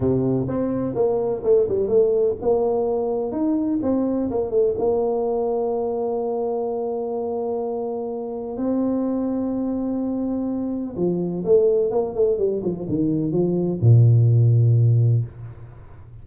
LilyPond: \new Staff \with { instrumentName = "tuba" } { \time 4/4 \tempo 4 = 126 c4 c'4 ais4 a8 g8 | a4 ais2 dis'4 | c'4 ais8 a8 ais2~ | ais1~ |
ais2 c'2~ | c'2. f4 | a4 ais8 a8 g8 f8 dis4 | f4 ais,2. | }